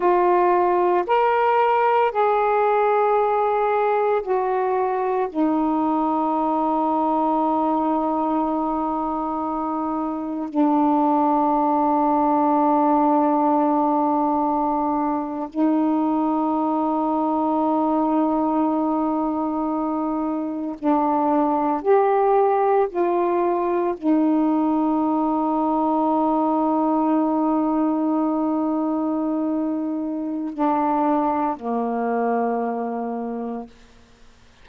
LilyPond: \new Staff \with { instrumentName = "saxophone" } { \time 4/4 \tempo 4 = 57 f'4 ais'4 gis'2 | fis'4 dis'2.~ | dis'2 d'2~ | d'2~ d'8. dis'4~ dis'16~ |
dis'2.~ dis'8. d'16~ | d'8. g'4 f'4 dis'4~ dis'16~ | dis'1~ | dis'4 d'4 ais2 | }